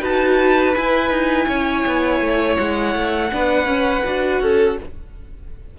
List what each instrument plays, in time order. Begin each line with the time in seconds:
0.00 cello D#4, viola F#4, violin B4 A5
0.74 viola E4, cello E4, violin G#5
1.10 cello D#4
1.47 cello C#4, violin C#5
1.86 cello B3
2.20 cello A3
2.57 cello G#3, violin F#5
2.95 cello A3
3.30 cello B3, viola D4, violin B4
3.65 cello C#4, viola C#4
4.05 cello D4, viola F#4
4.40 cello C#4, violin A4